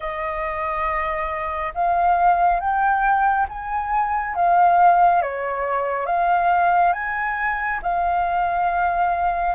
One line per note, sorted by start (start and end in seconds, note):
0.00 1.73 D#5
1.74 2.60 F5
2.60 3.47 G5
3.49 4.35 G#5
4.35 5.22 F5
5.22 6.06 C#5
6.06 6.92 F5
6.92 7.79 G#5
7.82 9.55 F5